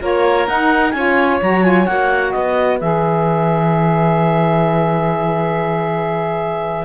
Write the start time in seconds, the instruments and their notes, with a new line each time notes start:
0.00 cello A#3, saxophone F4, violin A#4, clarinet C#5
0.47 saxophone D#4, cello D#4, clarinet F#5
0.91 cello C#4, saxophone F4, violin C#5, clarinet G#5
1.42 cello F#3, saxophone F#4, clarinet A#5
1.62 saxophone F4, clarinet G#5
1.86 cello A#3, saxophone F#4, clarinet F#5
2.32 cello B3, violin B4, clarinet D#5
2.80 cello E3, saxophone G#4, clarinet E5